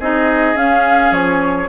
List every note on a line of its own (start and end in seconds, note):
0.00 0.55 C4
0.00 0.56 D#4
0.00 1.70 G#4
0.00 0.57 D#5
0.55 1.12 C#4
0.55 1.69 C#4
0.55 1.12 F5
1.12 1.68 F3
1.12 1.69 C#5